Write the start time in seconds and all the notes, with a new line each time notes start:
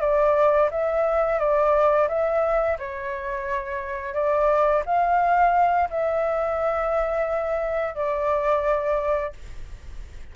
0.00 D5
0.70 E5
1.39 D5
2.08 E5
2.78 C#5
4.13 D5
4.85 F5
5.90 E5
7.95 D5